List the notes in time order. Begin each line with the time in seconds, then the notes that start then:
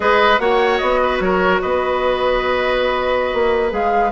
0.00 G#3 G#4 B4 D#5
0.38 A#3 F#4 C#5 F#5
0.77 B3 D#5
1.02 B4
1.20 F#3 A#4 C#5
1.60 B3 B4 D#5
3.33 A#3
3.70 G#3 G#4 F5